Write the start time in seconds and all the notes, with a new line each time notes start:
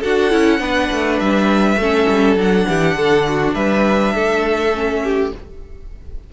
0.00 D4 F#4 A4 F#5
0.31 C#4 E4
0.59 B3 D4 B4
0.92 A3
1.20 G3 E5
1.77 A3 C#4 A4
2.08 G3
2.36 F#3 D4 F#5
2.69 E3 G4
2.96 D3 A4
3.29 F#4
3.55 G3 B4 E5
4.15 A3 A4
4.74 C#4
5.04 G4